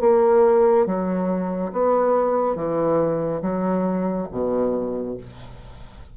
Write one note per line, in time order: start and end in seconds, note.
0.00 0.86 A#3
0.86 1.71 F#3
1.72 2.55 B3
2.55 3.41 E3
3.42 4.27 F#3
4.31 5.17 B2